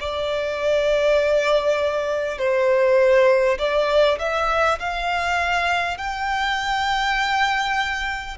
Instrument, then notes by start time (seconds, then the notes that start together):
violin
0.00 D5
2.38 C5
3.58 D5
4.18 E5
4.79 F5
5.97 G5